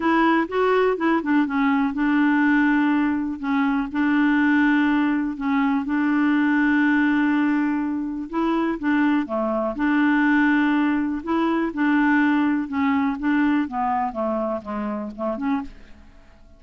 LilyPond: \new Staff \with { instrumentName = "clarinet" } { \time 4/4 \tempo 4 = 123 e'4 fis'4 e'8 d'8 cis'4 | d'2. cis'4 | d'2. cis'4 | d'1~ |
d'4 e'4 d'4 a4 | d'2. e'4 | d'2 cis'4 d'4 | b4 a4 gis4 a8 cis'8 | }